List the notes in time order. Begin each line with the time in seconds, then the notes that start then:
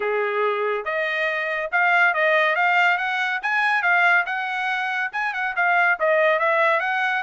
0.00 G#4
0.84 D#5
1.71 F5
2.14 D#5
2.55 F5
2.97 F#5
3.42 G#5
3.82 F5
4.26 F#5
5.12 G#5
5.33 F#5
5.55 F5
5.99 D#5
6.39 E5
6.80 F#5